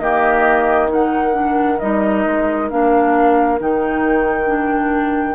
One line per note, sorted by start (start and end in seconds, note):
0.00 1.79 D#3
0.00 0.88 A#3
0.00 0.91 G4
0.00 0.90 D#5
0.88 1.33 D#4
0.88 5.36 A#4
0.88 1.80 F#5
1.33 1.78 D4
1.80 2.26 G3
1.80 2.71 D#4
1.80 2.69 D#5
2.26 2.71 G#3
2.71 3.61 A#3
2.71 3.60 D4
2.71 3.60 F5
3.60 5.36 D#3
3.60 4.46 D#4
3.60 5.36 G5
4.46 5.36 D4